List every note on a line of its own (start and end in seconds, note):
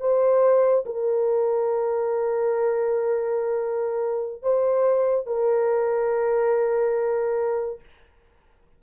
0.00 0.85 C5
0.85 4.43 A#4
4.43 5.27 C5
5.27 7.80 A#4